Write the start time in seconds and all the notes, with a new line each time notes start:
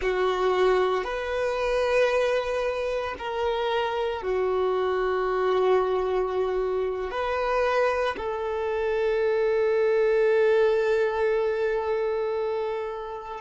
0.01 F#4
1.04 B4
3.18 A#4
4.22 F#4
7.11 B4
8.16 A4